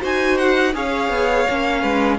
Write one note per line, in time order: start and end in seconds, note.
0.00 0.75 D#4
0.00 0.72 F#4
0.00 0.73 C5
0.00 0.38 G#5
0.38 0.74 F#5
0.74 1.09 C#4
0.74 1.46 G#4
0.74 1.81 C#5
0.74 2.19 F5
1.09 1.46 B3
1.49 1.83 A#3
1.49 2.19 C#4
1.81 2.19 G#3
1.81 2.17 B4